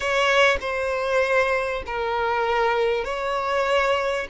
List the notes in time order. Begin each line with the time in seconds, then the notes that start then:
0.00 C#5
0.60 C5
1.86 A#4
3.04 C#5